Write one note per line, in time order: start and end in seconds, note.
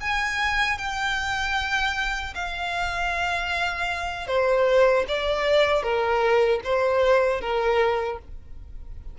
0.00 0.78 G#5
0.78 2.34 G5
2.34 4.27 F5
4.27 5.05 C5
5.08 5.83 D5
5.83 6.61 A#4
6.64 7.41 C5
7.41 8.19 A#4